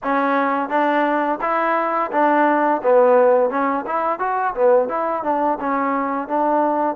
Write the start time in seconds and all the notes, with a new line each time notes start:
0.03 C#4
0.69 D4
1.41 E4
2.11 D4
2.83 B3
3.49 C#4
3.86 E4
4.19 F#4
4.54 B3
4.88 E4
5.23 D4
5.59 C#4
6.28 D4